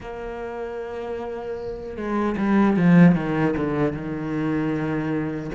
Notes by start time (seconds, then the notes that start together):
0.00 A#3
1.96 G#3
2.37 G3
2.76 F3
3.15 D#3
3.56 D3
3.93 D#3